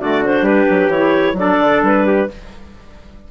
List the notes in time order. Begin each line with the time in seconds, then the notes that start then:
0.00 D3 A3 F#4 D5
0.23 D4 C5
0.41 G3 G4 B4
0.70 F#3
0.88 E3 E4 C#5
1.33 F#3 D4 D5
1.40 A4
1.60 D3
1.82 G3 B4
2.06 G4